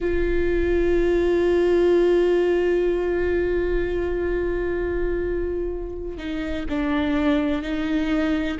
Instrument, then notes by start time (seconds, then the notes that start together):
viola
0.00 F4
6.17 D#4
6.69 D4
7.62 D#4